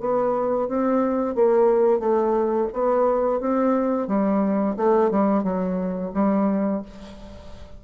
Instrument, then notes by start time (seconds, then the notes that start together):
bassoon
0.00 B3
0.68 C4
1.35 A#3
2.00 A3
2.73 B3
3.41 C4
4.08 G3
4.77 A3
5.11 G3
5.44 F#3
6.14 G3